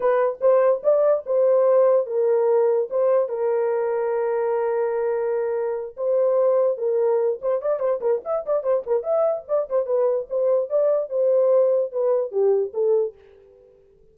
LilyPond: \new Staff \with { instrumentName = "horn" } { \time 4/4 \tempo 4 = 146 b'4 c''4 d''4 c''4~ | c''4 ais'2 c''4 | ais'1~ | ais'2~ ais'8 c''4.~ |
c''8 ais'4. c''8 d''8 c''8 ais'8 | e''8 d''8 c''8 ais'8 e''4 d''8 c''8 | b'4 c''4 d''4 c''4~ | c''4 b'4 g'4 a'4 | }